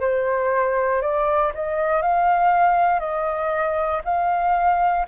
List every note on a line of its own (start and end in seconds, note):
0.00 1.01 C5
1.01 1.52 D5
1.54 2.02 D#5
2.02 3.00 F5
3.00 4.01 D#5
4.04 5.06 F5